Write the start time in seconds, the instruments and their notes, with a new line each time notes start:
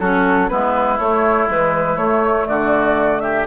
0.00 bassoon F#3, clarinet C#4, oboe F#4, flute A4
0.49 bassoon G#3, clarinet B3, oboe E4, flute B4
0.99 bassoon A3, clarinet A3, flute C#5
1.49 clarinet E3, bassoon G#3, flute B4
1.97 bassoon A3, clarinet A3, flute C#5
2.47 bassoon D3, oboe F#4, flute D5
3.21 oboe G4, flute E5